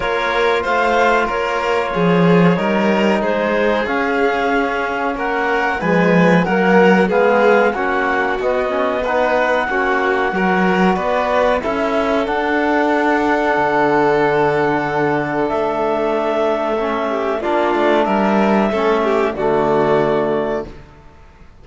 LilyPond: <<
  \new Staff \with { instrumentName = "clarinet" } { \time 4/4 \tempo 4 = 93 cis''4 f''4 cis''2~ | cis''4 c''4 f''2 | fis''4 gis''4 fis''4 f''4 | fis''4 dis''4 fis''2~ |
fis''4 d''4 e''4 fis''4~ | fis''1 | e''2. d''4 | e''2 d''2 | }
  \new Staff \with { instrumentName = "violin" } { \time 4/4 ais'4 c''4 ais'4 gis'4 | ais'4 gis'2. | ais'4 b'4 ais'4 gis'4 | fis'2 b'4 fis'4 |
ais'4 b'4 a'2~ | a'1~ | a'2~ a'8 g'8 f'4 | ais'4 a'8 g'8 fis'2 | }
  \new Staff \with { instrumentName = "trombone" } { \time 4/4 f'1 | dis'2 cis'2~ | cis'4 gis4 ais4 b4 | cis'4 b8 cis'8 dis'4 cis'4 |
fis'2 e'4 d'4~ | d'1~ | d'2 cis'4 d'4~ | d'4 cis'4 a2 | }
  \new Staff \with { instrumentName = "cello" } { \time 4/4 ais4 a4 ais4 f4 | g4 gis4 cis'2 | ais4 f4 fis4 gis4 | ais4 b2 ais4 |
fis4 b4 cis'4 d'4~ | d'4 d2. | a2. ais8 a8 | g4 a4 d2 | }
>>